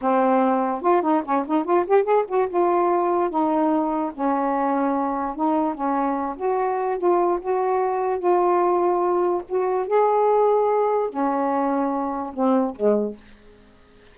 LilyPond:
\new Staff \with { instrumentName = "saxophone" } { \time 4/4 \tempo 4 = 146 c'2 f'8 dis'8 cis'8 dis'8 | f'8 g'8 gis'8 fis'8 f'2 | dis'2 cis'2~ | cis'4 dis'4 cis'4. fis'8~ |
fis'4 f'4 fis'2 | f'2. fis'4 | gis'2. cis'4~ | cis'2 c'4 gis4 | }